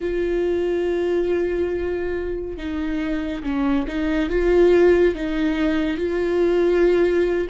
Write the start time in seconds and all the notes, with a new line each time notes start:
0.00 F4
2.57 D#4
3.43 C#4
3.87 D#4
4.29 F4
5.14 D#4
5.97 F4